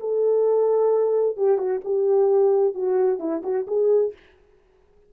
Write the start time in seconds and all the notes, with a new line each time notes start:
0.00 A4
1.37 G4
1.58 F#4
1.84 G4
2.75 F#4
3.19 E4
3.44 F#4
3.67 G#4